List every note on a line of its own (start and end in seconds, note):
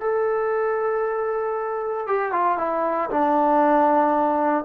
0.00 2.07 A4
2.07 2.32 G4
2.32 2.58 F4
2.58 3.09 E4
3.10 4.64 D4